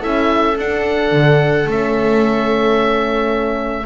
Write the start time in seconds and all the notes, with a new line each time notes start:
0.00 C#4 E4 A4 E5
0.57 D4 F#5
1.12 D3
1.66 A3 C#4 E5